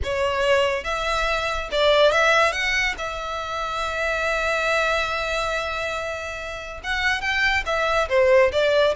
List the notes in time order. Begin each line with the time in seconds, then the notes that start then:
0.03 C#5
0.84 E5
1.71 D5
2.12 E5
2.52 F#5
2.98 E5
6.83 F#5
7.21 G5
7.65 E5
8.09 C5
8.52 D5